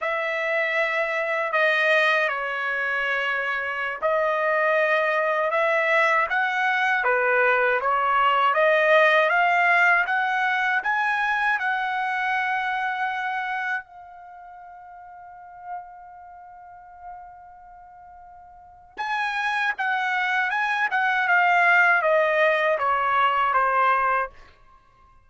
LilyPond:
\new Staff \with { instrumentName = "trumpet" } { \time 4/4 \tempo 4 = 79 e''2 dis''4 cis''4~ | cis''4~ cis''16 dis''2 e''8.~ | e''16 fis''4 b'4 cis''4 dis''8.~ | dis''16 f''4 fis''4 gis''4 fis''8.~ |
fis''2~ fis''16 f''4.~ f''16~ | f''1~ | f''4 gis''4 fis''4 gis''8 fis''8 | f''4 dis''4 cis''4 c''4 | }